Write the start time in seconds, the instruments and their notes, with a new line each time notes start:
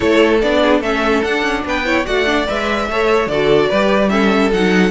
0.00 cello A3, viola E4, violin A4 C#5
0.40 cello B3, viola D4, violin D5
0.61 violin G#4
0.80 cello A3, viola C#4, violin A4 E5
1.22 viola D4, cello D4, violin F#5
1.42 cello C#4
1.64 cello B3, violin B4 G5
1.85 viola E4, violin C#5
2.05 cello A3, viola F#4, violin D5 F#5
2.25 viola D4
2.47 cello G#3, viola B4, violin E5
2.88 cello A3, viola A4, violin C#5
3.26 cello D3, viola F#4, violin A4 D5
3.69 cello G3, viola G4, violin B4
4.08 viola C#4, violin A4 E5
4.52 cello F#3, viola D#4, violin F#5